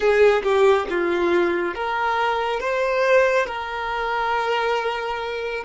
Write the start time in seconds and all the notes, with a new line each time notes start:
0.00 G#4
0.43 G4
0.89 F4
1.74 A#4
2.59 C5
3.46 A#4